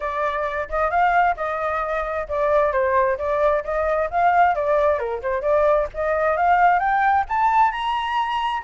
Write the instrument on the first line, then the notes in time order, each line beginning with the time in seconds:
flute
0.00 D5
0.69 D#5
0.90 F5
1.36 D#5
2.28 D5
2.72 C5
3.18 D5
3.64 D#5
4.10 F5
4.55 D5
4.99 A#4
5.21 C5
5.41 D5
5.93 D#5
6.36 F5
6.79 G5
7.29 A5
7.71 A#5